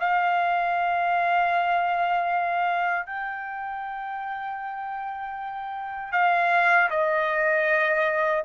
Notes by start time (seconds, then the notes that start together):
0.00 F5
3.06 G5
6.13 F5
6.91 D#5